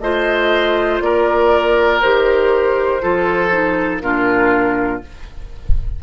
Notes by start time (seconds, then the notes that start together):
0.00 A3 F4 C5 D#5
1.01 A#3 A#4 D5
2.01 D#3 G4 C5
3.01 F3 F4 A4
3.51 D#4
4.01 A#2 D4 F4 A#4